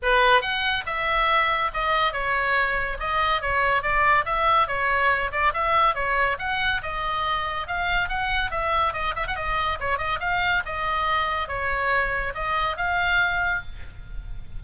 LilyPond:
\new Staff \with { instrumentName = "oboe" } { \time 4/4 \tempo 4 = 141 b'4 fis''4 e''2 | dis''4 cis''2 dis''4 | cis''4 d''4 e''4 cis''4~ | cis''8 d''8 e''4 cis''4 fis''4 |
dis''2 f''4 fis''4 | e''4 dis''8 e''16 fis''16 dis''4 cis''8 dis''8 | f''4 dis''2 cis''4~ | cis''4 dis''4 f''2 | }